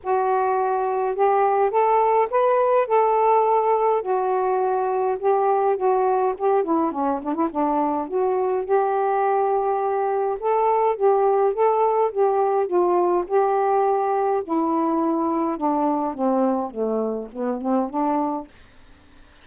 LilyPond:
\new Staff \with { instrumentName = "saxophone" } { \time 4/4 \tempo 4 = 104 fis'2 g'4 a'4 | b'4 a'2 fis'4~ | fis'4 g'4 fis'4 g'8 e'8 | cis'8 d'16 e'16 d'4 fis'4 g'4~ |
g'2 a'4 g'4 | a'4 g'4 f'4 g'4~ | g'4 e'2 d'4 | c'4 a4 b8 c'8 d'4 | }